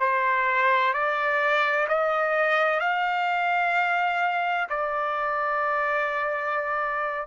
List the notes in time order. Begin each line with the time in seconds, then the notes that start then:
0.00 C5
0.94 D5
1.88 D#5
2.80 F5
4.70 D5